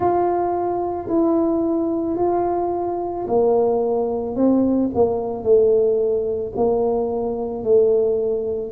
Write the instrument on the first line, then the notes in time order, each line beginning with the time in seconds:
tuba
0.00 F4
1.08 E4
2.16 F4
3.27 A#3
4.35 C4
4.94 A#3
5.43 A3
6.56 A#3
7.63 A3